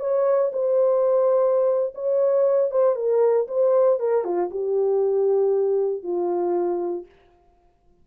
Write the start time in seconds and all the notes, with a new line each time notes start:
0.00 C#5
0.53 C5
1.95 C#5
2.71 C5
2.96 A#4
3.48 C5
4.00 A#4
4.24 F4
4.51 G4
6.03 F4